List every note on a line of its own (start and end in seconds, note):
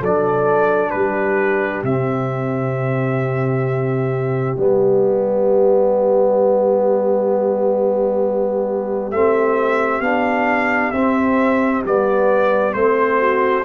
0.00 0.93 F#3
0.00 1.85 D4
0.00 0.91 A4
0.00 0.91 D5
0.91 1.83 G3
0.91 13.19 G4
0.91 1.82 B4
1.83 4.55 C3
1.83 4.57 C4
1.83 4.57 E5
4.57 9.11 G3
4.57 9.12 B3
4.57 9.11 D5
9.11 10.00 A3
9.11 10.02 C4
9.11 10.02 E5
10.00 10.91 B3
10.00 10.93 D4
10.00 10.91 F5
10.91 11.84 C4
10.91 11.85 C4
10.91 11.82 E5
11.85 12.74 G3
11.85 12.73 B3
11.85 12.74 D5
12.73 13.65 A3
12.73 13.64 C4
12.73 13.65 C5
13.19 13.65 F#4